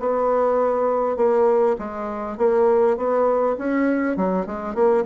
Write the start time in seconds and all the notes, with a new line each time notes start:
0.00 B3
1.17 A#3
1.79 G#3
2.38 A#3
2.97 B3
3.58 C#4
4.17 F#3
4.46 G#3
4.75 A#3